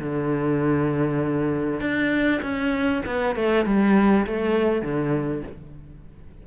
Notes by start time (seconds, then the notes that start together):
0.00 D3
1.81 D4
2.42 C#4
3.07 B3
3.36 A3
3.66 G3
4.27 A3
4.83 D3